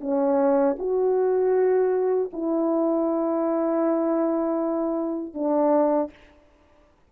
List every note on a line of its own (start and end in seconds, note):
0.00 0.76 C#4
0.78 2.30 F#4
2.33 5.34 E4
5.34 6.10 D4